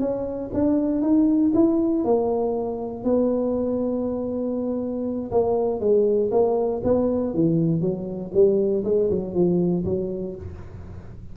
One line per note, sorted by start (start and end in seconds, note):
0.00 0.50 C#4
0.54 1.02 D4
1.02 1.52 D#4
1.54 2.04 E4
2.04 3.04 A#3
3.04 5.31 B3
5.31 5.80 A#3
5.80 6.31 G#3
6.31 6.82 A#3
6.84 7.34 B3
7.34 7.81 E3
7.81 8.32 F#3
8.34 8.84 G3
8.85 9.10 G#3
9.10 9.34 F#3
9.34 9.85 F3
9.85 10.35 F#3